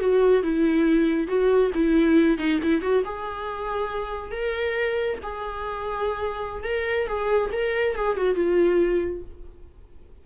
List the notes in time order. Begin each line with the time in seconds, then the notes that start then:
0.00 F#4
0.43 E4
1.28 F#4
1.75 E4
2.38 D#4
2.63 E4
2.82 F#4
3.05 G#4
4.31 A#4
5.23 G#4
6.64 A#4
7.08 G#4
7.53 A#4
7.96 G#4
8.17 F#4
8.35 F4